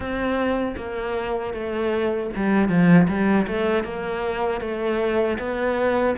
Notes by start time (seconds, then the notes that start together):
0.00 C4
0.76 A#3
1.53 A3
2.36 G3
2.68 F3
3.08 G3
3.47 A3
3.84 A#3
4.60 A3
5.38 B3